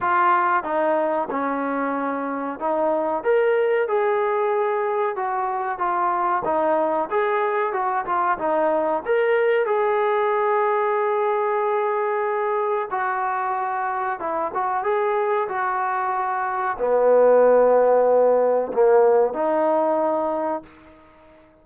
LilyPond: \new Staff \with { instrumentName = "trombone" } { \time 4/4 \tempo 4 = 93 f'4 dis'4 cis'2 | dis'4 ais'4 gis'2 | fis'4 f'4 dis'4 gis'4 | fis'8 f'8 dis'4 ais'4 gis'4~ |
gis'1 | fis'2 e'8 fis'8 gis'4 | fis'2 b2~ | b4 ais4 dis'2 | }